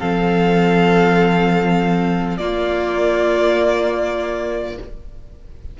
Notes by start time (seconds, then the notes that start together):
0.00 F3 C4 A4 F5
2.38 A#3 F4 D5